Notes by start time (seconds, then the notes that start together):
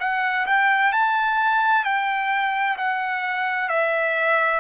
0.00 F#5
0.47 G5
0.93 A5
1.85 G5
2.78 F#5
3.69 E5